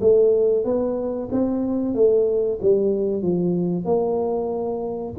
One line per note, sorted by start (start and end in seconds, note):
0.00 0.64 A3
0.64 1.28 B3
1.31 1.94 C4
1.94 2.59 A3
2.61 3.22 G3
3.22 3.84 F3
3.84 5.13 A#3